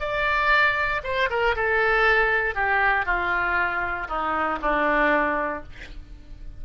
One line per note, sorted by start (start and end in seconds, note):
0.00 1.02 D5
1.04 1.29 C5
1.30 1.55 A#4
1.56 2.55 A4
2.55 3.06 G4
3.06 4.07 F4
4.08 4.59 D#4
4.61 5.63 D4